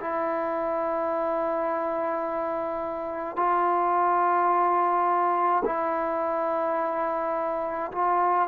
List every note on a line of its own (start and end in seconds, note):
0.00 3.36 E4
3.36 5.62 F4
5.65 7.91 E4
7.91 8.48 F4